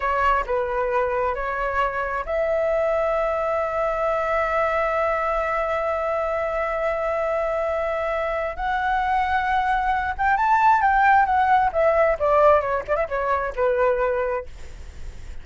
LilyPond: \new Staff \with { instrumentName = "flute" } { \time 4/4 \tempo 4 = 133 cis''4 b'2 cis''4~ | cis''4 e''2.~ | e''1~ | e''1~ |
e''2. fis''4~ | fis''2~ fis''8 g''8 a''4 | g''4 fis''4 e''4 d''4 | cis''8 d''16 e''16 cis''4 b'2 | }